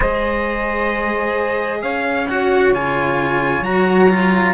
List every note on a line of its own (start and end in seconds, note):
0.00 1.82 G#3
0.00 2.26 G#4
0.00 1.79 C5
0.00 1.81 D#5
1.81 2.72 C#4
1.81 4.54 C#5
1.81 2.27 F5
2.27 2.73 F#4
2.27 2.73 F#5
2.72 3.61 C#3
2.72 3.63 F4
2.72 3.63 G#5
3.61 4.52 F#3
3.61 4.09 F#4
3.61 4.54 A#5
4.09 4.54 F4